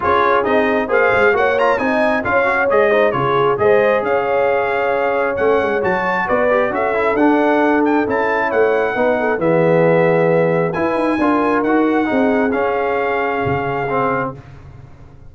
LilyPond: <<
  \new Staff \with { instrumentName = "trumpet" } { \time 4/4 \tempo 4 = 134 cis''4 dis''4 f''4 fis''8 ais''8 | gis''4 f''4 dis''4 cis''4 | dis''4 f''2. | fis''4 a''4 d''4 e''4 |
fis''4. g''8 a''4 fis''4~ | fis''4 e''2. | gis''2 fis''2 | f''1 | }
  \new Staff \with { instrumentName = "horn" } { \time 4/4 gis'2 c''4 cis''4 | dis''4 cis''4. c''8 gis'4 | c''4 cis''2.~ | cis''2 b'4 a'4~ |
a'2. cis''4 | b'8 a'8 gis'2. | b'4 ais'2 gis'4~ | gis'1 | }
  \new Staff \with { instrumentName = "trombone" } { \time 4/4 f'4 dis'4 gis'4 fis'8 f'8 | dis'4 f'8 fis'8 gis'8 dis'8 f'4 | gis'1 | cis'4 fis'4. g'8 fis'8 e'8 |
d'2 e'2 | dis'4 b2. | e'4 f'4 fis'4 dis'4 | cis'2. c'4 | }
  \new Staff \with { instrumentName = "tuba" } { \time 4/4 cis'4 c'4 ais8 gis8 ais4 | c'4 cis'4 gis4 cis4 | gis4 cis'2. | a8 gis8 fis4 b4 cis'4 |
d'2 cis'4 a4 | b4 e2. | e'8 dis'8 d'4 dis'4 c'4 | cis'2 cis2 | }
>>